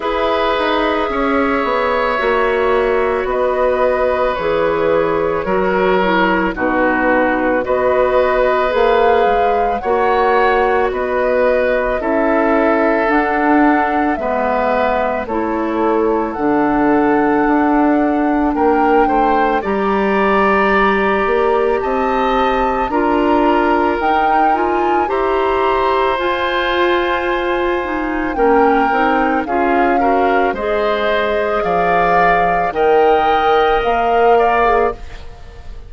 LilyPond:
<<
  \new Staff \with { instrumentName = "flute" } { \time 4/4 \tempo 4 = 55 e''2. dis''4 | cis''2 b'4 dis''4 | f''4 fis''4 dis''4 e''4 | fis''4 e''4 cis''4 fis''4~ |
fis''4 g''4 ais''2 | a''4 ais''4 g''8 gis''8 ais''4 | gis''2 g''4 f''4 | dis''4 f''4 g''4 f''4 | }
  \new Staff \with { instrumentName = "oboe" } { \time 4/4 b'4 cis''2 b'4~ | b'4 ais'4 fis'4 b'4~ | b'4 cis''4 b'4 a'4~ | a'4 b'4 a'2~ |
a'4 ais'8 c''8 d''2 | dis''4 ais'2 c''4~ | c''2 ais'4 gis'8 ais'8 | c''4 d''4 dis''4. d''8 | }
  \new Staff \with { instrumentName = "clarinet" } { \time 4/4 gis'2 fis'2 | gis'4 fis'8 e'8 dis'4 fis'4 | gis'4 fis'2 e'4 | d'4 b4 e'4 d'4~ |
d'2 g'2~ | g'4 f'4 dis'8 f'8 g'4 | f'4. dis'8 cis'8 dis'8 f'8 fis'8 | gis'2 ais'4.~ ais'16 gis'16 | }
  \new Staff \with { instrumentName = "bassoon" } { \time 4/4 e'8 dis'8 cis'8 b8 ais4 b4 | e4 fis4 b,4 b4 | ais8 gis8 ais4 b4 cis'4 | d'4 gis4 a4 d4 |
d'4 ais8 a8 g4. ais8 | c'4 d'4 dis'4 e'4 | f'2 ais8 c'8 cis'4 | gis4 f4 dis4 ais4 | }
>>